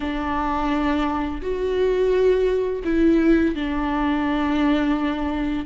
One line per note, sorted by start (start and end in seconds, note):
0.00 1.41 D4
1.41 2.82 F#4
2.84 3.55 E4
3.55 5.65 D4